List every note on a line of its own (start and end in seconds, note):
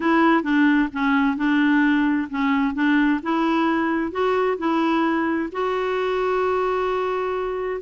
0.00 0.43 E4
0.43 0.88 D4
0.92 1.36 C#4
1.36 2.28 D4
2.29 2.74 C#4
2.74 3.20 D4
3.22 4.11 E4
4.11 4.57 F#4
4.57 5.49 E4
5.51 7.80 F#4